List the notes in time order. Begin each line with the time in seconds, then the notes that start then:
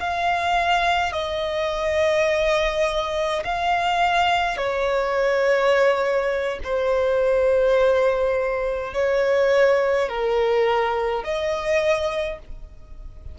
0.00 F5
1.13 D#5
3.45 F5
4.57 C#5
6.63 C5
8.94 C#5
10.09 A#4
11.23 D#5